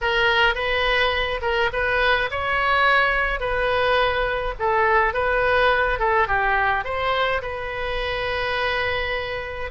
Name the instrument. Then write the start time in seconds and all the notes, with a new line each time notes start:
oboe
0.01 A#4
0.55 B4
1.41 A#4
1.72 B4
2.30 C#5
3.40 B4
4.59 A4
5.13 B4
5.99 A4
6.27 G4
6.84 C5
7.42 B4